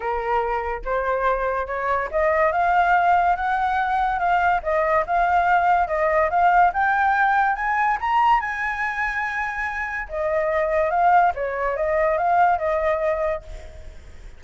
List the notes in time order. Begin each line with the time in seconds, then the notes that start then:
0.00 A#4
0.84 C5
1.66 C#5
2.11 D#5
2.52 F5
3.36 F#5
4.19 F5
4.62 D#5
5.06 F5
5.87 D#5
6.30 F5
6.73 G5
7.55 G#5
8.00 A#5
8.40 G#5
10.09 D#5
10.90 F5
11.34 C#5
11.76 D#5
12.17 F5
12.58 D#5